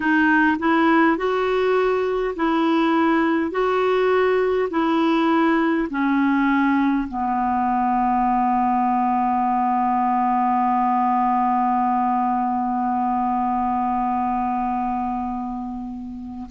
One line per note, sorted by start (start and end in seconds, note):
0.00 0.56 D#4
0.59 1.17 E4
1.17 2.35 F#4
2.36 3.51 E4
3.51 4.68 F#4
4.70 5.88 E4
5.89 7.07 C#4
7.07 16.49 B3